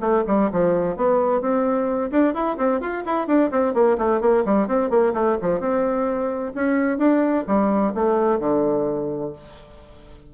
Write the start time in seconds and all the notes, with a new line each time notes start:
0.00 A3
0.27 G3
0.52 F3
0.96 B3
1.41 C4
2.11 D4
2.34 E4
2.58 C4
2.80 F4
3.05 E4
3.27 D4
3.51 C4
3.74 A#3
3.98 A3
4.21 A#3
4.45 G3
4.67 C4
4.90 A#3
5.14 A3
5.41 F3
5.60 C4
6.55 C#4
6.98 D4
7.47 G3
7.94 A3
8.39 D3